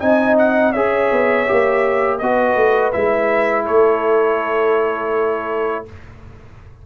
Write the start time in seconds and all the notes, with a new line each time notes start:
0.00 C4 D#4 D#5 G#5
0.38 F#5
0.73 C#4 G#4 C#5 E5
1.12 B3
1.47 A#3 G4
2.19 B3 F#4 B4 D#5
2.56 A3
2.93 G#3 E4 E5
3.65 A3 A4 C#5